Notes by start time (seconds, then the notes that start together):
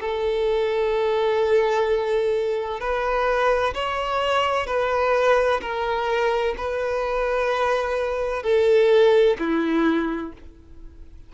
0.00 A4
2.80 B4
3.74 C#5
4.67 B4
5.61 A#4
6.58 B4
8.43 A4
9.39 E4